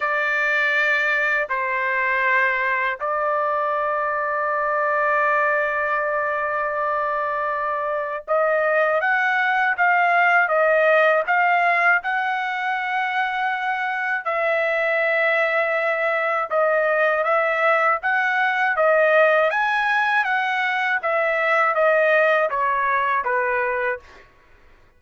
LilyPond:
\new Staff \with { instrumentName = "trumpet" } { \time 4/4 \tempo 4 = 80 d''2 c''2 | d''1~ | d''2. dis''4 | fis''4 f''4 dis''4 f''4 |
fis''2. e''4~ | e''2 dis''4 e''4 | fis''4 dis''4 gis''4 fis''4 | e''4 dis''4 cis''4 b'4 | }